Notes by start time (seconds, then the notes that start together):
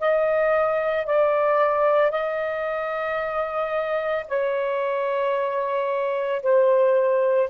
0.00 D#5
1.07 D5
2.12 D#5
4.28 C#5
6.43 C5